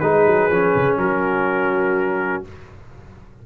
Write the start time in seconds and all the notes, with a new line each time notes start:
0.00 G#3 D#4 G#4 B4
0.26 F#3
0.50 F3 C#4
0.76 C#3
0.97 F#3 F#4 A#4